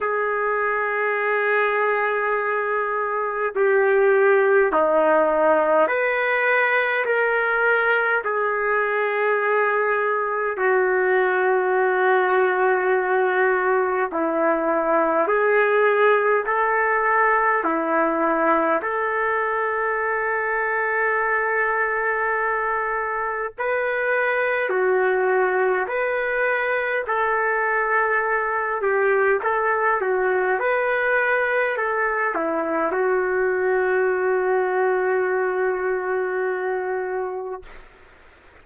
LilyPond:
\new Staff \with { instrumentName = "trumpet" } { \time 4/4 \tempo 4 = 51 gis'2. g'4 | dis'4 b'4 ais'4 gis'4~ | gis'4 fis'2. | e'4 gis'4 a'4 e'4 |
a'1 | b'4 fis'4 b'4 a'4~ | a'8 g'8 a'8 fis'8 b'4 a'8 e'8 | fis'1 | }